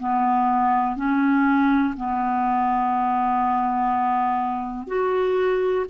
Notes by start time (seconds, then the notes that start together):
0.00 B3
0.96 C#4
1.97 B3
4.88 F#4